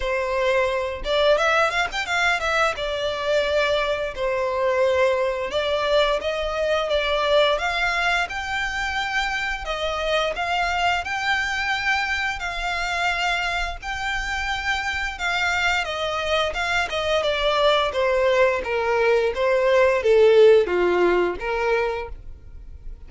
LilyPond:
\new Staff \with { instrumentName = "violin" } { \time 4/4 \tempo 4 = 87 c''4. d''8 e''8 f''16 g''16 f''8 e''8 | d''2 c''2 | d''4 dis''4 d''4 f''4 | g''2 dis''4 f''4 |
g''2 f''2 | g''2 f''4 dis''4 | f''8 dis''8 d''4 c''4 ais'4 | c''4 a'4 f'4 ais'4 | }